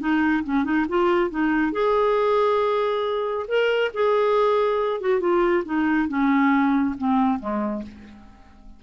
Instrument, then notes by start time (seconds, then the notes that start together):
clarinet
0.00 D#4
0.44 C#4
0.64 D#4
0.89 F4
1.30 D#4
1.73 G#4
3.48 A#4
3.94 G#4
5.01 F#4
5.20 F4
5.65 D#4
6.08 C#4
6.98 C4
7.39 G#3